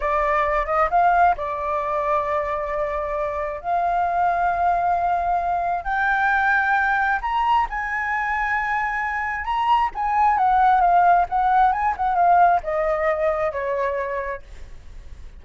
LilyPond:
\new Staff \with { instrumentName = "flute" } { \time 4/4 \tempo 4 = 133 d''4. dis''8 f''4 d''4~ | d''1 | f''1~ | f''4 g''2. |
ais''4 gis''2.~ | gis''4 ais''4 gis''4 fis''4 | f''4 fis''4 gis''8 fis''8 f''4 | dis''2 cis''2 | }